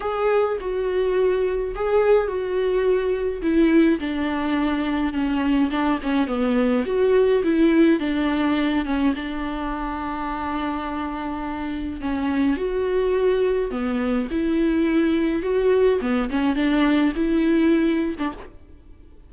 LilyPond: \new Staff \with { instrumentName = "viola" } { \time 4/4 \tempo 4 = 105 gis'4 fis'2 gis'4 | fis'2 e'4 d'4~ | d'4 cis'4 d'8 cis'8 b4 | fis'4 e'4 d'4. cis'8 |
d'1~ | d'4 cis'4 fis'2 | b4 e'2 fis'4 | b8 cis'8 d'4 e'4.~ e'16 d'16 | }